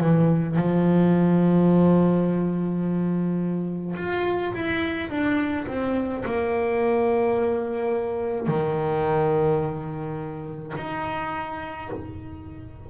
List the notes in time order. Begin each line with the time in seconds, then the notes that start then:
0.00 E3
0.56 F3
3.96 F4
4.54 E4
5.10 D4
5.67 C4
6.25 A#3
8.48 D#3
10.77 D#4